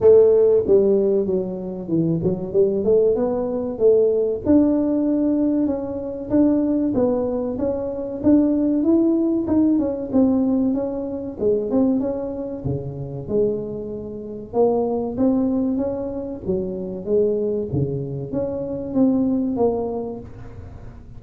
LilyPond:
\new Staff \with { instrumentName = "tuba" } { \time 4/4 \tempo 4 = 95 a4 g4 fis4 e8 fis8 | g8 a8 b4 a4 d'4~ | d'4 cis'4 d'4 b4 | cis'4 d'4 e'4 dis'8 cis'8 |
c'4 cis'4 gis8 c'8 cis'4 | cis4 gis2 ais4 | c'4 cis'4 fis4 gis4 | cis4 cis'4 c'4 ais4 | }